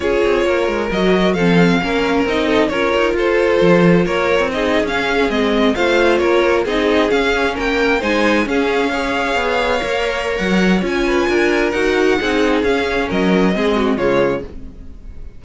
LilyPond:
<<
  \new Staff \with { instrumentName = "violin" } { \time 4/4 \tempo 4 = 133 cis''2 dis''4 f''4~ | f''4 dis''4 cis''4 c''4~ | c''4 cis''4 dis''8. f''4 dis''16~ | dis''8. f''4 cis''4 dis''4 f''16~ |
f''8. g''4 gis''4 f''4~ f''16~ | f''2. fis''4 | gis''2 fis''2 | f''4 dis''2 cis''4 | }
  \new Staff \with { instrumentName = "violin" } { \time 4/4 gis'4 ais'2 a'4 | ais'4. a'8 ais'4 a'4~ | a'4 ais'4 gis'2~ | gis'8. c''4 ais'4 gis'4~ gis'16~ |
gis'8. ais'4 c''4 gis'4 cis''16~ | cis''1~ | cis''8 b'8 ais'2 gis'4~ | gis'4 ais'4 gis'8 fis'8 f'4 | }
  \new Staff \with { instrumentName = "viola" } { \time 4/4 f'2 fis'4 c'4 | cis'4 dis'4 f'2~ | f'2 dis'8. cis'4 c'16~ | c'8. f'2 dis'4 cis'16~ |
cis'4.~ cis'16 dis'4 cis'4 gis'16~ | gis'4.~ gis'16 ais'2~ ais'16 | f'2 fis'4 dis'4 | cis'2 c'4 gis4 | }
  \new Staff \with { instrumentName = "cello" } { \time 4/4 cis'8 c'8 ais8 gis8 fis4 f4 | ais4 c'4 cis'8 dis'8 f'4 | f4 ais8. c'4 cis'4 gis16~ | gis8. a4 ais4 c'4 cis'16~ |
cis'8. ais4 gis4 cis'4~ cis'16~ | cis'8. b4 ais4~ ais16 fis4 | cis'4 d'4 dis'4 c'4 | cis'4 fis4 gis4 cis4 | }
>>